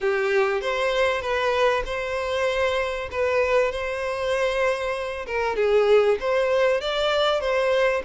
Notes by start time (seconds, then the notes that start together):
0.00 G4
0.61 C5
1.21 B4
1.85 C5
3.11 B4
3.71 C5
5.26 A#4
5.56 G#4
6.19 C5
6.80 D5
7.40 C5